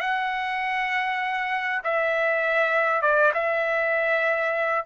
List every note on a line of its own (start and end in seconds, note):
0.00 1.82 F#5
1.84 3.02 E5
3.02 3.32 D5
3.34 4.85 E5